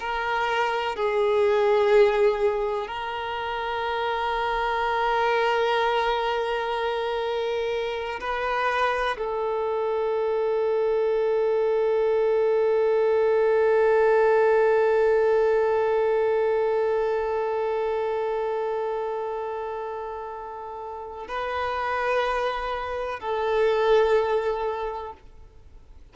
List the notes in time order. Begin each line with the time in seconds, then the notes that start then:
0.00 A#4
0.96 G#4
2.88 A#4
8.20 B4
9.18 A4
21.28 B4
23.20 A4